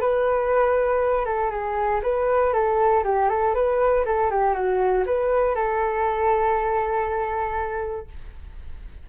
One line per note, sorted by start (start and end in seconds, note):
0.00 1.25 B4
1.25 1.50 A4
1.50 2.01 G#4
2.03 2.53 B4
2.53 3.03 A4
3.04 3.29 G4
3.29 3.54 A4
3.54 4.05 B4
4.05 4.30 A4
4.30 4.54 G4
4.54 5.04 F#4
5.06 5.55 B4
5.55 8.07 A4